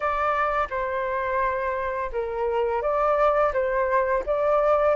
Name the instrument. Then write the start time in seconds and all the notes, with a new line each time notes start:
flute
0.00 D5
0.69 C5
2.12 A#4
2.81 D5
3.53 C5
4.26 D5